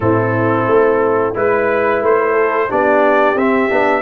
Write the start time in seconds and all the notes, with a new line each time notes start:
0.00 A2 C4 E4 A4
0.67 A3
1.34 G#3 E4 B4
2.01 A3 C5
2.32 A4
2.69 B3 D4 G4 D5
3.34 C4 E5
3.69 B3 D4